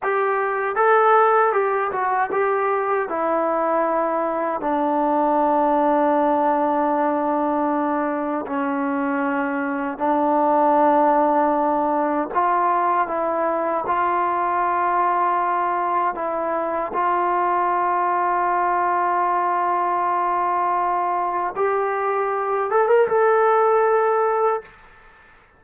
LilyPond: \new Staff \with { instrumentName = "trombone" } { \time 4/4 \tempo 4 = 78 g'4 a'4 g'8 fis'8 g'4 | e'2 d'2~ | d'2. cis'4~ | cis'4 d'2. |
f'4 e'4 f'2~ | f'4 e'4 f'2~ | f'1 | g'4. a'16 ais'16 a'2 | }